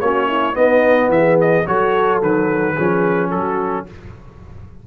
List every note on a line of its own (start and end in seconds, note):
0.00 0.56 A#3
0.00 0.54 C#4
0.00 0.27 F#4
0.00 0.55 C#5
0.27 0.55 E4
0.54 1.64 B3
0.54 1.08 B3
0.54 1.11 D#4
0.54 1.10 D#5
1.08 1.63 E3
1.08 1.38 E5
1.15 1.67 G#4
1.40 1.66 D#5
1.66 2.21 F#3
1.66 2.21 F#4
1.66 2.75 A4
1.66 2.21 C#5
2.21 2.76 D#3
2.21 2.76 F#3
2.21 3.30 B4
2.75 3.32 F3
2.75 3.86 C#4
2.75 3.30 G#4
3.30 3.87 F#3
3.30 3.85 F#4
3.30 3.85 A4